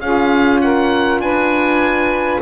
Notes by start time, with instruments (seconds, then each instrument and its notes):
0.00 double bass C#4, saxophone F4 G#4, oboe F5
0.60 saxophone A#4, oboe F#5
1.19 double bass D4, saxophone B4, oboe G#5